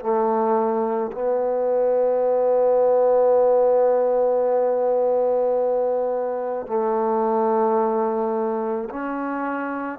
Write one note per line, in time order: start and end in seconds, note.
0.00 1.11 A3
1.12 6.67 B3
6.67 8.89 A3
8.90 9.99 C#4